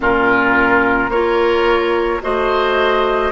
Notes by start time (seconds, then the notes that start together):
0.00 A#2 C#4 F4 A#4
1.09 A#3 F4 A#4 C#5
2.21 A3 F#4 C5 D#5